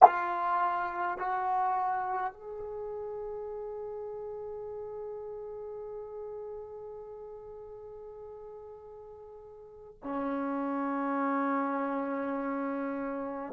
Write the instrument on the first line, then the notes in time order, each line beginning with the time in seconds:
trombone
0.03 F4
1.18 F#4
2.33 G#4
10.03 C#4